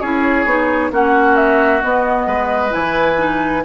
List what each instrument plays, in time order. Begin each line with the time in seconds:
0.00 bassoon C#4, clarinet E4, oboe G#4, flute C#5
0.45 bassoon B3, clarinet D#4
0.91 bassoon A#3, clarinet C#4, oboe F#4, flute F#5
1.36 flute E5
1.81 clarinet B3, bassoon B3, flute D#5
2.26 bassoon G#3, oboe B4
2.70 bassoon E3, clarinet E4, flute G#5
3.17 clarinet D#4